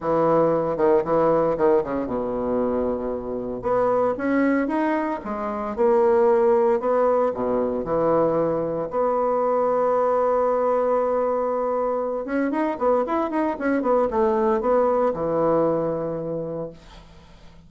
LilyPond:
\new Staff \with { instrumentName = "bassoon" } { \time 4/4 \tempo 4 = 115 e4. dis8 e4 dis8 cis8 | b,2. b4 | cis'4 dis'4 gis4 ais4~ | ais4 b4 b,4 e4~ |
e4 b2.~ | b2.~ b8 cis'8 | dis'8 b8 e'8 dis'8 cis'8 b8 a4 | b4 e2. | }